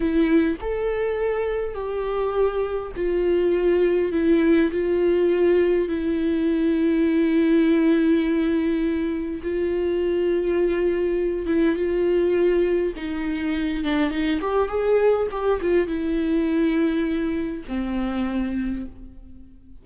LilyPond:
\new Staff \with { instrumentName = "viola" } { \time 4/4 \tempo 4 = 102 e'4 a'2 g'4~ | g'4 f'2 e'4 | f'2 e'2~ | e'1 |
f'2.~ f'8 e'8 | f'2 dis'4. d'8 | dis'8 g'8 gis'4 g'8 f'8 e'4~ | e'2 c'2 | }